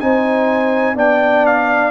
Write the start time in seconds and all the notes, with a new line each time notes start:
0.00 C4 D#4 C5 G#5
0.95 B3 D4 D5 G5
1.46 F5